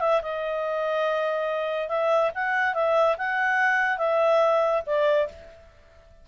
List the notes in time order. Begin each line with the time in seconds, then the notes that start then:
0.00 E5
0.22 D#5
1.89 E5
2.35 F#5
2.74 E5
3.18 F#5
3.98 E5
4.86 D5